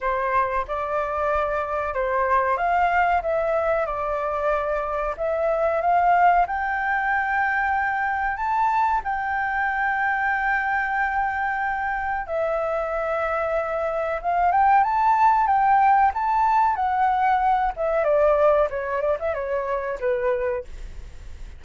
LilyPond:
\new Staff \with { instrumentName = "flute" } { \time 4/4 \tempo 4 = 93 c''4 d''2 c''4 | f''4 e''4 d''2 | e''4 f''4 g''2~ | g''4 a''4 g''2~ |
g''2. e''4~ | e''2 f''8 g''8 a''4 | g''4 a''4 fis''4. e''8 | d''4 cis''8 d''16 e''16 cis''4 b'4 | }